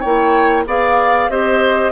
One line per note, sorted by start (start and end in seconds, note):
0.00 0.66 A#3
0.00 0.66 E4
0.00 0.63 C#5
0.00 0.65 G5
0.66 1.29 B3
0.66 1.29 G#4
0.66 1.31 D5
0.66 1.30 F5
1.29 1.92 C4
1.29 1.92 G4
1.29 1.92 C5
1.29 1.92 D#5